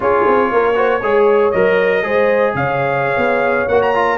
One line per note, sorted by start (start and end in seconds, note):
0.00 0.24 C#4
0.00 0.74 F4
0.00 0.52 G#4
0.00 1.51 C#5
0.27 0.51 C4
0.51 1.02 A#3
0.51 0.75 A#4
0.75 1.00 F#4
0.75 1.01 C5
1.01 1.53 G#3
1.01 1.53 G#4
1.01 2.03 C#5
1.51 2.03 F#3
1.51 2.02 A#4
1.51 2.52 D#5
2.02 2.54 G#3
2.02 3.67 G#4
2.02 2.55 C5
2.54 3.16 C#3
2.54 4.18 C#5
2.54 3.68 F5
3.16 3.67 B3
3.68 4.18 A#3
3.68 3.94 F#4
3.68 3.81 F#5
3.81 4.18 A#5
3.94 4.18 F4